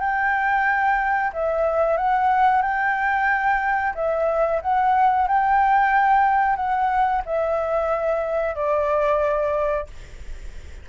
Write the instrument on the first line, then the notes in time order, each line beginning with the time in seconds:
flute
0.00 G5
1.33 E5
1.97 F#5
2.62 G5
3.95 E5
4.62 F#5
5.28 G5
6.56 F#5
7.26 E5
8.55 D5